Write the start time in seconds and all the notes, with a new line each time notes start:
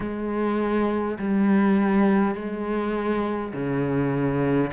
0.00 G#3
1.18 G3
2.35 G#3
3.53 C#3